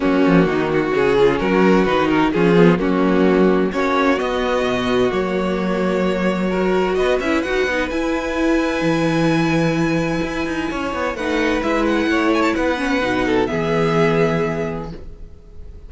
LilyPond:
<<
  \new Staff \with { instrumentName = "violin" } { \time 4/4 \tempo 4 = 129 fis'2 gis'4 ais'4 | b'8 ais'8 gis'4 fis'2 | cis''4 dis''2 cis''4~ | cis''2. dis''8 e''8 |
fis''4 gis''2.~ | gis''1 | fis''4 e''8 fis''4 gis''16 a''16 fis''4~ | fis''4 e''2. | }
  \new Staff \with { instrumentName = "violin" } { \time 4/4 cis'4 dis'8 fis'4 f'8 fis'4~ | fis'4 f'4 cis'2 | fis'1~ | fis'2 ais'4 b'4~ |
b'1~ | b'2. cis''4 | b'2 cis''4 b'4~ | b'8 a'8 gis'2. | }
  \new Staff \with { instrumentName = "viola" } { \time 4/4 ais2 cis'2 | dis'4 cis'8 b8 ais2 | cis'4 b2 ais4~ | ais2 fis'4. e'8 |
fis'8 dis'8 e'2.~ | e'1 | dis'4 e'2~ e'8 cis'8 | dis'4 b2. | }
  \new Staff \with { instrumentName = "cello" } { \time 4/4 fis8 f8 dis4 cis4 fis4 | dis4 f4 fis2 | ais4 b4 b,4 fis4~ | fis2. b8 cis'8 |
dis'8 b8 e'2 e4~ | e2 e'8 dis'8 cis'8 b8 | a4 gis4 a4 b4 | b,4 e2. | }
>>